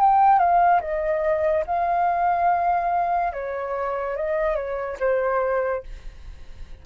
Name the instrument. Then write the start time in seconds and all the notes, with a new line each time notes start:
flute
0.00 G5
0.39 F5
0.81 D#5
1.67 F5
3.33 C#5
4.17 D#5
4.56 C#5
5.00 C5